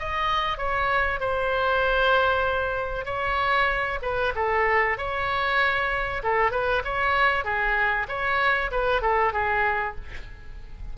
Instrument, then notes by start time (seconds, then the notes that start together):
oboe
0.00 D#5
0.58 C#5
1.20 C5
3.06 C#5
4.03 B4
4.36 A4
4.98 C#5
6.24 A4
6.52 B4
6.85 C#5
7.45 G#4
8.09 C#5
8.72 B4
9.02 A4
9.33 G#4